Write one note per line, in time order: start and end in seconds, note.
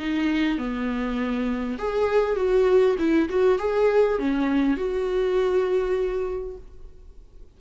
0.00 0.59 D#4
0.59 1.79 B3
1.79 2.36 G#4
2.36 2.96 F#4
2.99 3.29 E4
3.30 3.59 F#4
3.59 4.19 G#4
4.19 4.77 C#4
4.77 6.57 F#4